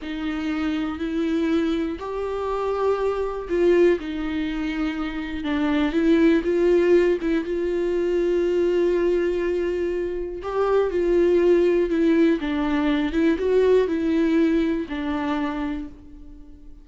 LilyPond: \new Staff \with { instrumentName = "viola" } { \time 4/4 \tempo 4 = 121 dis'2 e'2 | g'2. f'4 | dis'2. d'4 | e'4 f'4. e'8 f'4~ |
f'1~ | f'4 g'4 f'2 | e'4 d'4. e'8 fis'4 | e'2 d'2 | }